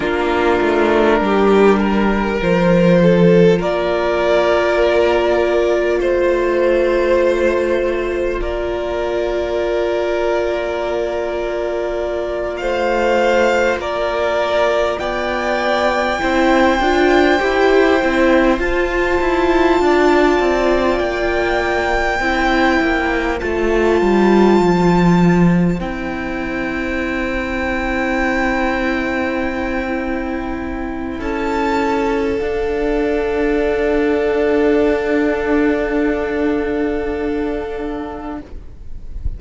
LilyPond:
<<
  \new Staff \with { instrumentName = "violin" } { \time 4/4 \tempo 4 = 50 ais'2 c''4 d''4~ | d''4 c''2 d''4~ | d''2~ d''8 f''4 d''8~ | d''8 g''2. a''8~ |
a''4. g''2 a''8~ | a''4. g''2~ g''8~ | g''2 a''4 f''4~ | f''1 | }
  \new Staff \with { instrumentName = "violin" } { \time 4/4 f'4 g'8 ais'4 a'8 ais'4~ | ais'4 c''2 ais'4~ | ais'2~ ais'8 c''4 ais'8~ | ais'8 d''4 c''2~ c''8~ |
c''8 d''2 c''4.~ | c''1~ | c''2 a'2~ | a'1 | }
  \new Staff \with { instrumentName = "viola" } { \time 4/4 d'2 f'2~ | f'1~ | f'1~ | f'4. e'8 f'8 g'8 e'8 f'8~ |
f'2~ f'8 e'4 f'8~ | f'4. e'2~ e'8~ | e'2. d'4~ | d'1 | }
  \new Staff \with { instrumentName = "cello" } { \time 4/4 ais8 a8 g4 f4 ais4~ | ais4 a2 ais4~ | ais2~ ais8 a4 ais8~ | ais8 b4 c'8 d'8 e'8 c'8 f'8 |
e'8 d'8 c'8 ais4 c'8 ais8 a8 | g8 f4 c'2~ c'8~ | c'2 cis'4 d'4~ | d'1 | }
>>